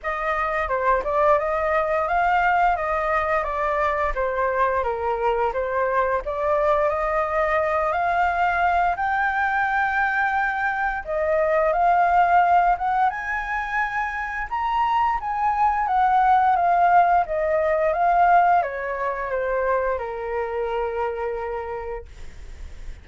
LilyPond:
\new Staff \with { instrumentName = "flute" } { \time 4/4 \tempo 4 = 87 dis''4 c''8 d''8 dis''4 f''4 | dis''4 d''4 c''4 ais'4 | c''4 d''4 dis''4. f''8~ | f''4 g''2. |
dis''4 f''4. fis''8 gis''4~ | gis''4 ais''4 gis''4 fis''4 | f''4 dis''4 f''4 cis''4 | c''4 ais'2. | }